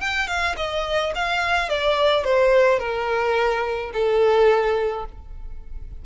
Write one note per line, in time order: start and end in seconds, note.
0.00 0.27 G5
0.27 0.55 F5
0.56 1.12 D#5
1.14 1.68 F5
1.68 2.24 D5
2.24 2.79 C5
2.79 3.91 A#4
3.93 5.05 A4